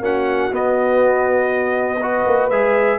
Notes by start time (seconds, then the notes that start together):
0.00 A#3 C#4 F#4 F#5
0.51 B3 D#5
2.00 F#4 B4
2.26 A#3
2.49 G#3 G#4 E5